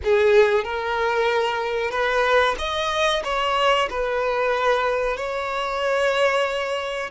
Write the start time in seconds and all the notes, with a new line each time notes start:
0.04 G#4
0.64 A#4
1.90 B4
2.58 D#5
3.24 C#5
3.89 B4
5.16 C#5